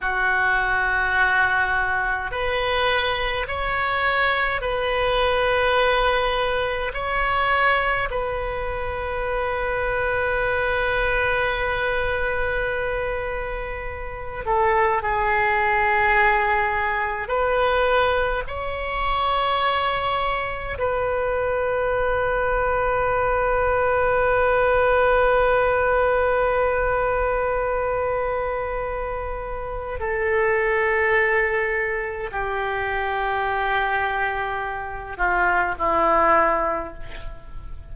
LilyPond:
\new Staff \with { instrumentName = "oboe" } { \time 4/4 \tempo 4 = 52 fis'2 b'4 cis''4 | b'2 cis''4 b'4~ | b'1~ | b'8 a'8 gis'2 b'4 |
cis''2 b'2~ | b'1~ | b'2 a'2 | g'2~ g'8 f'8 e'4 | }